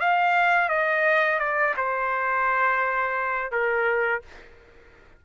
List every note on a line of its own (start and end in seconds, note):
0.00 0.69 F5
0.69 1.39 D#5
1.39 1.75 D5
1.77 3.51 C5
3.51 4.22 A#4